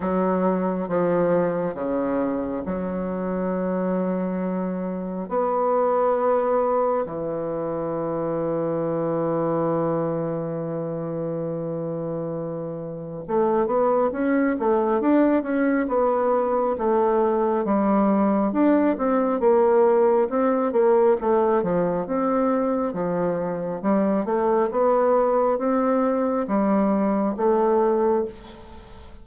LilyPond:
\new Staff \with { instrumentName = "bassoon" } { \time 4/4 \tempo 4 = 68 fis4 f4 cis4 fis4~ | fis2 b2 | e1~ | e2. a8 b8 |
cis'8 a8 d'8 cis'8 b4 a4 | g4 d'8 c'8 ais4 c'8 ais8 | a8 f8 c'4 f4 g8 a8 | b4 c'4 g4 a4 | }